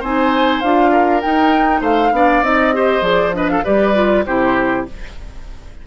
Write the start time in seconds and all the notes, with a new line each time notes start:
0.00 C4 D#4 C5 G#5
0.60 D4 F4 F5
0.92 A#4
1.21 D#4 G5
1.81 A3 C5 F5
2.12 B3 D4 D5
2.42 C4 D#4 D#5
2.73 G4 C5
3.01 F3 G#4 D5
3.33 D4 B4 D#5
3.49 A4 F5
3.64 G3 G4 B4 D5
3.94 F4
4.25 C3 E4 G4 C5